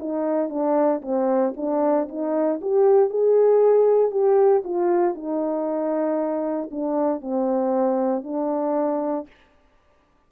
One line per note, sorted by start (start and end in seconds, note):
0.00 0.50 D#4
0.50 1.02 D4
1.03 1.54 C4
1.57 2.09 D4
2.09 2.61 D#4
2.62 3.10 G4
3.10 4.11 G#4
4.11 4.63 G4
4.65 5.15 F4
5.15 6.70 D#4
6.71 7.21 D4
7.21 8.24 C4
8.24 9.27 D4